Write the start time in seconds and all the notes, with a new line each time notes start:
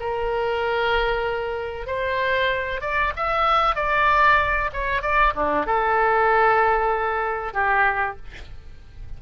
0.00 A#4
1.87 C5
2.81 D5
3.17 E5
3.76 D5
4.73 C#5
5.02 D5
5.35 D4
5.66 A4
7.54 G4